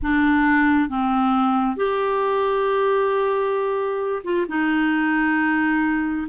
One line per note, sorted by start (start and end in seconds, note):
0.02 0.89 D4
0.89 1.76 C4
1.76 4.22 G4
4.24 4.46 F4
4.48 6.27 D#4